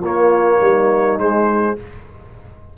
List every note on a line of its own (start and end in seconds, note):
0.00 0.59 A#3
0.00 1.19 A#3
0.00 0.58 F4
0.00 1.20 C#5
0.60 1.18 G3
0.60 1.75 D#4
1.18 1.76 G#3
1.18 1.77 G#3
1.18 1.77 C5